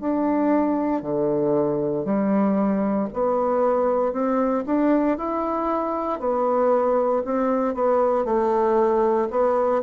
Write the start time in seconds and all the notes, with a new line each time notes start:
0.00 D4
1.02 D3
2.05 G3
3.14 B3
4.13 C4
4.66 D4
5.18 E4
6.20 B3
7.25 C4
7.75 B3
8.25 A3
9.31 B3